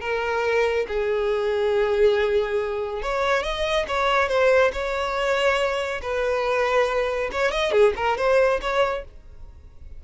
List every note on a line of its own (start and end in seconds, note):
0.00 0.86 A#4
0.87 3.02 G#4
3.02 3.43 C#5
3.43 3.86 D#5
3.87 4.28 C#5
4.28 4.71 C5
4.72 6.01 C#5
6.01 7.30 B4
7.32 7.51 C#5
7.51 7.72 D#5
7.72 7.93 G#4
7.96 8.17 A#4
8.17 8.60 C5
8.61 9.04 C#5